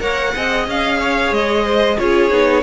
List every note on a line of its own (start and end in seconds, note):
0.00 0.34 A#3
0.00 0.33 A#4
0.00 0.35 C#5
0.00 0.67 F#5
0.36 0.68 C4
0.36 1.98 G#4
0.36 1.00 D#5
0.68 1.32 C#4
0.68 1.34 F5
1.00 1.65 C#5
1.32 1.98 G#3
1.32 1.99 D#5
1.65 1.98 C5
1.98 2.31 C#4
1.98 2.30 F4
1.98 2.64 G#4
1.98 2.64 C#5
2.30 2.64 B3
2.30 2.63 D#4